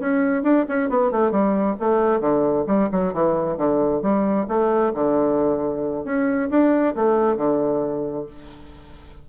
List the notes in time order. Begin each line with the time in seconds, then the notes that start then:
0.00 C#4
0.43 D4
0.69 C#4
0.90 B3
1.12 A3
1.31 G3
1.80 A3
2.21 D3
2.67 G3
2.92 F#3
3.14 E3
3.58 D3
4.02 G3
4.49 A3
4.95 D3
6.05 C#4
6.50 D4
6.95 A3
7.37 D3